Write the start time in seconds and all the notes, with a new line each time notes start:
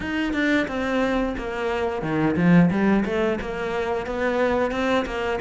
0.00 D#4
0.33 D4
0.67 C4
1.37 A#3
2.02 D#3
2.36 F3
2.70 G3
3.05 A3
3.40 A#3
4.06 B3
4.71 C4
5.05 A#3